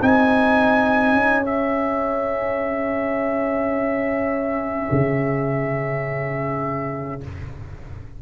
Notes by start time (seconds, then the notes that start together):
0.00 C4 D#4 G#4 G#5
1.12 C#4
1.44 C#4 E5
4.91 C#3